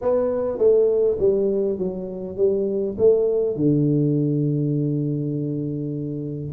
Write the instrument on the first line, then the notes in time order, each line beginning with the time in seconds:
tuba
0.01 B3
0.58 A3
1.19 G3
1.78 F#3
2.37 G3
2.98 A3
3.56 D3